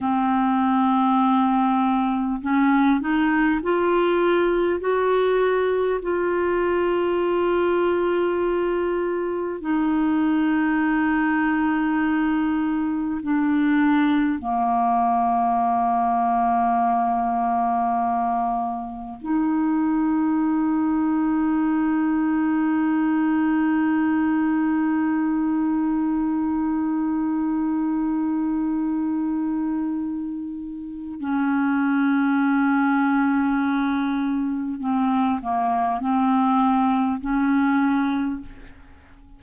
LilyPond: \new Staff \with { instrumentName = "clarinet" } { \time 4/4 \tempo 4 = 50 c'2 cis'8 dis'8 f'4 | fis'4 f'2. | dis'2. d'4 | ais1 |
dis'1~ | dis'1~ | dis'2 cis'2~ | cis'4 c'8 ais8 c'4 cis'4 | }